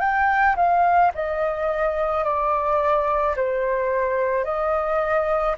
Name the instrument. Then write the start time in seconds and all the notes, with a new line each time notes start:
flute
0.00 G5
0.56 F5
1.14 D#5
2.24 D5
3.36 C5
4.44 D#5